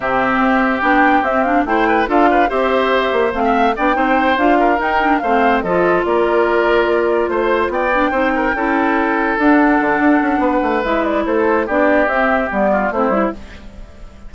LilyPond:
<<
  \new Staff \with { instrumentName = "flute" } { \time 4/4 \tempo 4 = 144 e''2 g''4 e''8 f''8 | g''4 f''4 e''2 | f''4 g''4. f''4 g''8~ | g''8 f''4 dis''4 d''4.~ |
d''4. c''4 g''4.~ | g''2~ g''8 fis''4.~ | fis''2 e''8 d''8 c''4 | d''4 e''4 d''4 c''4 | }
  \new Staff \with { instrumentName = "oboe" } { \time 4/4 g'1 | c''8 b'8 a'8 b'8 c''2~ | c''16 e''8. d''8 c''4. ais'4~ | ais'8 c''4 a'4 ais'4.~ |
ais'4. c''4 d''4 c''8 | ais'8 a'2.~ a'8~ | a'4 b'2 a'4 | g'2~ g'8 f'8 e'4 | }
  \new Staff \with { instrumentName = "clarinet" } { \time 4/4 c'2 d'4 c'8 d'8 | e'4 f'4 g'2 | c'4 d'8 dis'4 f'4 dis'8 | d'8 c'4 f'2~ f'8~ |
f'2. d'8 dis'8~ | dis'8 e'2 d'4.~ | d'2 e'2 | d'4 c'4 b4 c'8 e'8 | }
  \new Staff \with { instrumentName = "bassoon" } { \time 4/4 c4 c'4 b4 c'4 | a4 d'4 c'4. ais8 | a4 b8 c'4 d'4 dis'8~ | dis'8 a4 f4 ais4.~ |
ais4. a4 b4 c'8~ | c'8 cis'2 d'4 d8 | d'8 cis'8 b8 a8 gis4 a4 | b4 c'4 g4 a8 g8 | }
>>